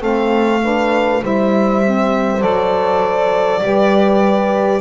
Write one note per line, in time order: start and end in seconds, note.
0.00 1.22 A3
0.00 0.60 C4
0.00 0.61 A4
0.00 1.23 F5
0.61 1.21 D4
0.61 1.23 B4
1.22 2.42 G3
1.22 1.81 E4
1.22 3.62 C5
1.22 2.42 E5
1.84 2.40 C4
2.40 3.62 F#3
2.40 3.60 A4
2.40 4.80 D5
3.62 4.80 G3
3.62 4.80 G4
3.62 4.80 B4